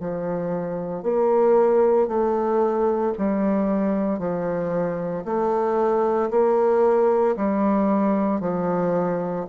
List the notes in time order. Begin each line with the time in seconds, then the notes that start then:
0.00 F3
1.03 A#3
2.08 A3
3.18 G3
4.19 F3
5.25 A3
6.30 A#3
7.36 G3
8.41 F3